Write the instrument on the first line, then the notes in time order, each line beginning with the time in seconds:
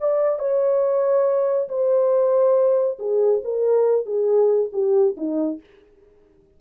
horn
0.00 D5
0.38 C#5
1.69 C5
2.99 G#4
3.44 A#4
4.05 G#4
4.72 G4
5.17 D#4